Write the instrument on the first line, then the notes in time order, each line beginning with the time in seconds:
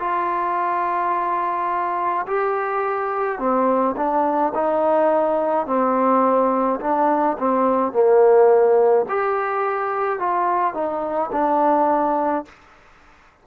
trombone
0.00 F4
2.27 G4
3.39 C4
3.96 D4
4.55 D#4
5.67 C4
6.81 D4
7.39 C4
7.92 A#3
9.09 G4
10.19 F4
10.74 D#4
11.32 D4